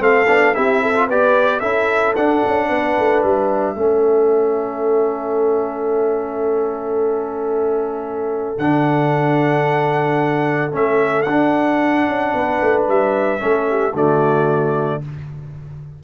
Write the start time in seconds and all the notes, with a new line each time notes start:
0.00 A3 C4 A4 F5
0.28 B3 D4
0.55 C4 E4 G4 E5
0.82 A4
0.95 F4
1.07 B3 G4 B4 D5
1.60 C#4 E4 A4 E5
2.16 D4 F#5
2.46 C#4
2.69 B3 B4
2.99 A3
3.23 G3 E5
3.76 A3 C#4 A4
8.58 D3 D4 F#5
10.72 A3 C#4 E5
11.23 D4 F#5
11.29 D4
12.07 C#4
12.34 B3 B4
12.62 A3
12.88 G3 E5
13.40 A3 C#4 A4
13.70 G4
13.93 D3 A3 F#4 D5